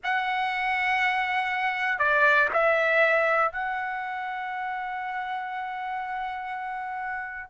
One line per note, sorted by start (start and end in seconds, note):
0.03 1.98 F#5
1.98 2.48 D5
2.53 3.52 E5
3.52 7.50 F#5